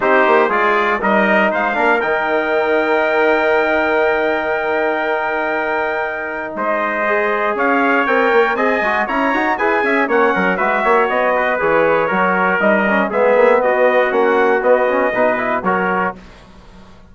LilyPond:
<<
  \new Staff \with { instrumentName = "trumpet" } { \time 4/4 \tempo 4 = 119 c''4 d''4 dis''4 f''4 | g''1~ | g''1~ | g''4 dis''2 f''4 |
g''4 gis''4 ais''4 gis''4 | fis''4 e''4 dis''4 cis''4~ | cis''4 dis''4 e''4 dis''4 | fis''4 dis''2 cis''4 | }
  \new Staff \with { instrumentName = "trumpet" } { \time 4/4 g'4 gis'4 ais'4 c''8 ais'8~ | ais'1~ | ais'1~ | ais'4 c''2 cis''4~ |
cis''4 dis''4 cis''4 b'8 e''8 | cis''8 ais'8 b'8 cis''4 b'4. | ais'2 gis'4 fis'4~ | fis'2 b'4 ais'4 | }
  \new Staff \with { instrumentName = "trombone" } { \time 4/4 dis'4 f'4 dis'4. d'8 | dis'1~ | dis'1~ | dis'2 gis'2 |
ais'4 gis'8 fis'8 e'8 fis'8 gis'4 | cis'4 fis'2 gis'4 | fis'4 dis'8 cis'8 b2 | cis'4 b8 cis'8 dis'8 e'8 fis'4 | }
  \new Staff \with { instrumentName = "bassoon" } { \time 4/4 c'8 ais8 gis4 g4 gis8 ais8 | dis1~ | dis1~ | dis4 gis2 cis'4 |
c'8 ais8 c'8 gis8 cis'8 dis'8 e'8 cis'8 | ais8 fis8 gis8 ais8 b4 e4 | fis4 g4 gis8 ais8 b4 | ais4 b4 b,4 fis4 | }
>>